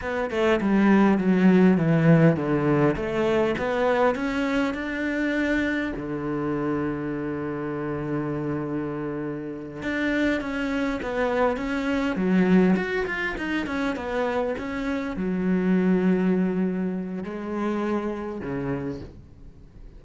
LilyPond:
\new Staff \with { instrumentName = "cello" } { \time 4/4 \tempo 4 = 101 b8 a8 g4 fis4 e4 | d4 a4 b4 cis'4 | d'2 d2~ | d1~ |
d8 d'4 cis'4 b4 cis'8~ | cis'8 fis4 fis'8 f'8 dis'8 cis'8 b8~ | b8 cis'4 fis2~ fis8~ | fis4 gis2 cis4 | }